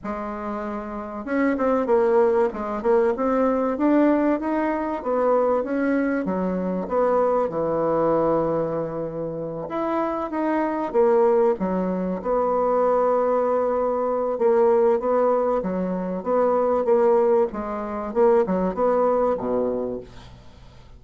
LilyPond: \new Staff \with { instrumentName = "bassoon" } { \time 4/4 \tempo 4 = 96 gis2 cis'8 c'8 ais4 | gis8 ais8 c'4 d'4 dis'4 | b4 cis'4 fis4 b4 | e2.~ e8 e'8~ |
e'8 dis'4 ais4 fis4 b8~ | b2. ais4 | b4 fis4 b4 ais4 | gis4 ais8 fis8 b4 b,4 | }